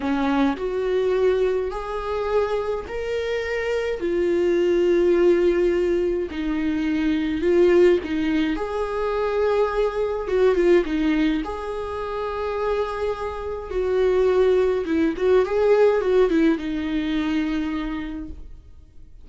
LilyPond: \new Staff \with { instrumentName = "viola" } { \time 4/4 \tempo 4 = 105 cis'4 fis'2 gis'4~ | gis'4 ais'2 f'4~ | f'2. dis'4~ | dis'4 f'4 dis'4 gis'4~ |
gis'2 fis'8 f'8 dis'4 | gis'1 | fis'2 e'8 fis'8 gis'4 | fis'8 e'8 dis'2. | }